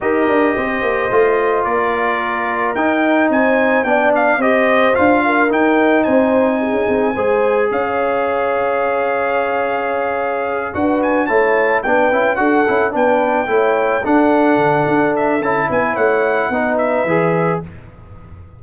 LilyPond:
<<
  \new Staff \with { instrumentName = "trumpet" } { \time 4/4 \tempo 4 = 109 dis''2. d''4~ | d''4 g''4 gis''4 g''8 f''8 | dis''4 f''4 g''4 gis''4~ | gis''2 f''2~ |
f''2.~ f''8 fis''8 | gis''8 a''4 g''4 fis''4 g''8~ | g''4. fis''2 e''8 | a''8 gis''8 fis''4. e''4. | }
  \new Staff \with { instrumentName = "horn" } { \time 4/4 ais'4 c''2 ais'4~ | ais'2 c''4 d''4 | c''4. ais'4. c''4 | gis'4 c''4 cis''2~ |
cis''2.~ cis''8 b'8~ | b'8 cis''4 b'4 a'4 b'8~ | b'8 cis''4 a'2~ a'8~ | a'8 b'8 cis''4 b'2 | }
  \new Staff \with { instrumentName = "trombone" } { \time 4/4 g'2 f'2~ | f'4 dis'2 d'4 | g'4 f'4 dis'2~ | dis'4 gis'2.~ |
gis'2.~ gis'8 fis'8~ | fis'8 e'4 d'8 e'8 fis'8 e'8 d'8~ | d'8 e'4 d'2~ d'8 | e'2 dis'4 gis'4 | }
  \new Staff \with { instrumentName = "tuba" } { \time 4/4 dis'8 d'8 c'8 ais8 a4 ais4~ | ais4 dis'4 c'4 b4 | c'4 d'4 dis'4 c'4~ | c'16 cis'16 c'8 gis4 cis'2~ |
cis'2.~ cis'8 d'8~ | d'8 a4 b8 cis'8 d'8 cis'8 b8~ | b8 a4 d'4 d8 d'4 | cis'8 b8 a4 b4 e4 | }
>>